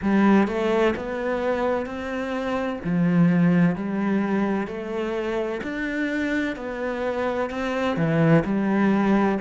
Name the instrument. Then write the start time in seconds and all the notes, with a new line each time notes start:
cello
0.02 G3
0.47 A3
0.95 B3
1.85 C4
2.84 F3
3.75 G3
4.67 A3
5.62 D4
6.56 B3
7.50 C4
7.96 E3
8.44 G3